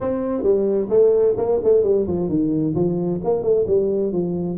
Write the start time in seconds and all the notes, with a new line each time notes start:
0.01 C4
0.42 G3
0.89 A3
1.37 A#3
1.63 A3
1.83 G3
2.07 F3
2.28 D#3
2.74 F3
3.24 A#3
3.42 A3
3.67 G3
4.12 F3